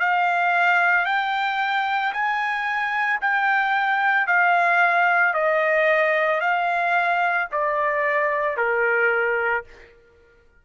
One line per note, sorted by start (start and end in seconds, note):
0.00 1.06 F5
1.06 2.13 G5
2.13 3.20 G#5
3.21 4.27 G5
4.27 5.34 F5
5.34 6.41 D#5
6.41 7.48 F5
7.52 8.57 D5
8.57 9.64 A#4